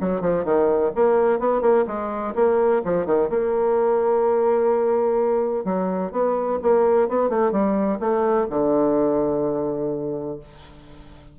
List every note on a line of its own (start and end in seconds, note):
0.00 0.21 F#3
0.21 0.44 F3
0.44 0.91 D#3
0.95 1.39 A#3
1.39 1.61 B3
1.61 1.85 A#3
1.86 2.34 G#3
2.35 2.82 A#3
2.84 3.05 F3
3.05 3.29 D#3
3.29 5.64 A#3
5.64 6.12 F#3
6.12 6.59 B3
6.62 7.08 A#3
7.08 7.29 B3
7.29 7.51 A3
7.51 7.99 G3
7.99 8.47 A3
8.50 10.39 D3